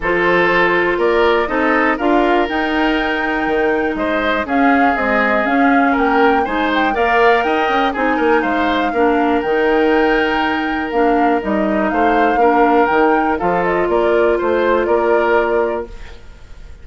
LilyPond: <<
  \new Staff \with { instrumentName = "flute" } { \time 4/4 \tempo 4 = 121 c''2 d''4 dis''4 | f''4 g''2. | dis''4 f''4 dis''4 f''4 | g''4 gis''8 g''8 f''4 g''4 |
gis''4 f''2 g''4~ | g''2 f''4 dis''4 | f''2 g''4 f''8 dis''8 | d''4 c''4 d''2 | }
  \new Staff \with { instrumentName = "oboe" } { \time 4/4 a'2 ais'4 a'4 | ais'1 | c''4 gis'2. | ais'4 c''4 d''4 dis''4 |
gis'8 ais'8 c''4 ais'2~ | ais'1 | c''4 ais'2 a'4 | ais'4 c''4 ais'2 | }
  \new Staff \with { instrumentName = "clarinet" } { \time 4/4 f'2. dis'4 | f'4 dis'2.~ | dis'4 cis'4 gis4 cis'4~ | cis'4 dis'4 ais'2 |
dis'2 d'4 dis'4~ | dis'2 d'4 dis'4~ | dis'4 d'4 dis'4 f'4~ | f'1 | }
  \new Staff \with { instrumentName = "bassoon" } { \time 4/4 f2 ais4 c'4 | d'4 dis'2 dis4 | gis4 cis'4 c'4 cis'4 | ais4 gis4 ais4 dis'8 cis'8 |
c'8 ais8 gis4 ais4 dis4~ | dis2 ais4 g4 | a4 ais4 dis4 f4 | ais4 a4 ais2 | }
>>